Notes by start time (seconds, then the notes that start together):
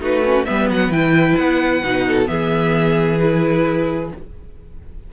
0.00 A3 D#4 F#4 B4
0.25 C#4
0.45 G3 B3 B4 E5
0.69 F#3 F#5
0.89 E3 E4 G5
1.36 B3 F#5
1.82 B2 D#4
2.07 A4
2.25 E3 B3 G#4 E5
3.19 E4 B4